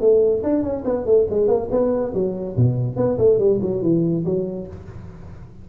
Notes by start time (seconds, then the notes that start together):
0.00 A3
0.43 D4
0.62 C#4
0.85 B3
1.05 A3
1.30 G#3
1.47 A#3
1.70 B3
2.14 F#3
2.56 B2
2.96 B3
3.17 A3
3.38 G3
3.61 F#3
3.82 E3
4.25 F#3